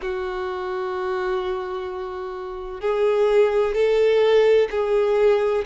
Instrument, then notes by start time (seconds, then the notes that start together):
violin
0.01 F#4
2.80 G#4
3.74 A4
4.70 G#4